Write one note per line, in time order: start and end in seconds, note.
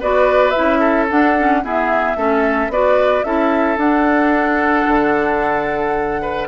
0.00 0.55 B3
0.00 0.55 F#4
0.00 0.80 B4
0.00 0.50 D5
0.50 1.09 E4
0.50 1.05 E5
0.59 1.11 C#4
0.80 1.61 A4
1.10 1.37 D4
1.10 1.64 D4
1.10 1.65 F#5
1.37 1.63 C#4
1.63 2.16 B3
1.63 2.16 E4
1.63 2.18 G#4
1.63 2.72 E5
2.16 2.69 A3
2.16 2.70 C#4
2.16 2.72 A4
2.69 3.23 B3
2.69 3.25 F#4
2.69 3.26 B4
2.69 3.24 D5
3.24 3.77 C#4
3.24 3.79 E4
3.24 6.22 A4
3.24 3.78 E5
3.77 4.85 D4
3.77 6.48 D4
3.77 6.48 F#5
4.87 6.48 D3
6.22 6.48 B4